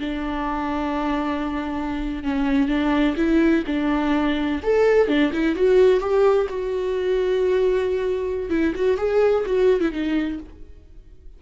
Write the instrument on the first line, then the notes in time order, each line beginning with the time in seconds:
viola
0.00 D4
2.24 C#4
2.68 D4
3.17 E4
3.67 D4
4.63 A4
5.08 D4
5.33 E4
5.55 F#4
6.00 G4
6.49 F#4
8.50 E4
8.75 F#4
8.98 G#4
9.46 F#4
9.81 E4
9.92 D#4